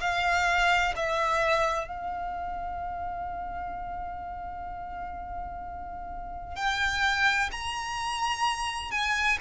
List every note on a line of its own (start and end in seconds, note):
0.00 0.94 F5
0.96 1.87 E5
1.87 6.56 F5
6.56 7.50 G5
7.51 8.91 A#5
8.91 9.37 G#5